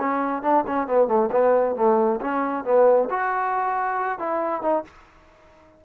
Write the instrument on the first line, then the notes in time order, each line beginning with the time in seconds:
trombone
0.00 C#4
0.43 D4
0.67 C#4
0.88 B3
1.08 A3
1.32 B3
1.76 A3
2.21 C#4
2.65 B3
3.10 F#4
4.19 E4
4.62 D#4